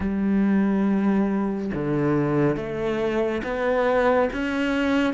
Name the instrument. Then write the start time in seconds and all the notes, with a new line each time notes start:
cello
0.00 G3
1.74 D3
2.56 A3
3.43 B3
4.32 C#4